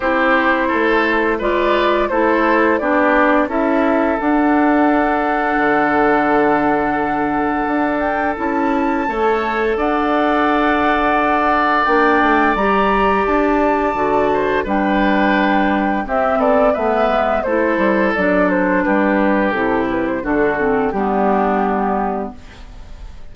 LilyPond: <<
  \new Staff \with { instrumentName = "flute" } { \time 4/4 \tempo 4 = 86 c''2 d''4 c''4 | d''4 e''4 fis''2~ | fis''2.~ fis''8 g''8 | a''2 fis''2~ |
fis''4 g''4 ais''4 a''4~ | a''4 g''2 e''8 d''8 | e''4 c''4 d''8 c''8 b'4 | a'8 b'16 c''16 a'4 g'2 | }
  \new Staff \with { instrumentName = "oboe" } { \time 4/4 g'4 a'4 b'4 a'4 | g'4 a'2.~ | a'1~ | a'4 cis''4 d''2~ |
d''1~ | d''8 c''8 b'2 g'8 a'8 | b'4 a'2 g'4~ | g'4 fis'4 d'2 | }
  \new Staff \with { instrumentName = "clarinet" } { \time 4/4 e'2 f'4 e'4 | d'4 e'4 d'2~ | d'1 | e'4 a'2.~ |
a'4 d'4 g'2 | fis'4 d'2 c'4 | b4 e'4 d'2 | e'4 d'8 c'8 b2 | }
  \new Staff \with { instrumentName = "bassoon" } { \time 4/4 c'4 a4 gis4 a4 | b4 cis'4 d'2 | d2. d'4 | cis'4 a4 d'2~ |
d'4 ais8 a8 g4 d'4 | d4 g2 c'8 b8 | a8 gis8 a8 g8 fis4 g4 | c4 d4 g2 | }
>>